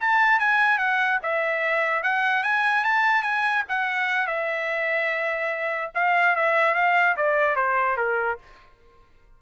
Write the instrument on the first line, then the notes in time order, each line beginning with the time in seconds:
trumpet
0.00 A5
0.39 G#5
0.78 F#5
1.22 E5
2.03 F#5
2.43 G#5
2.84 A5
3.22 G#5
3.69 F#5
4.27 E5
5.94 F5
6.36 E5
6.75 F5
7.16 D5
7.56 C5
7.97 A#4